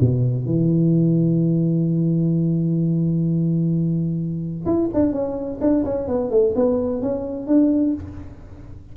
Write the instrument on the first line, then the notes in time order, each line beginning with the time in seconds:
tuba
0.00 B2
0.45 E3
4.65 E4
4.93 D4
5.12 C#4
5.61 D4
5.84 C#4
6.07 B3
6.30 A3
6.55 B3
7.01 C#4
7.47 D4